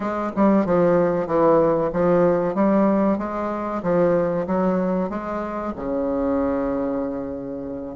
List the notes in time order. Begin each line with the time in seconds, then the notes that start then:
0.00 G#3
0.35 G3
0.65 F3
1.26 E3
1.92 F3
2.54 G3
3.18 G#3
3.82 F3
4.46 F#3
5.09 G#3
5.76 C#3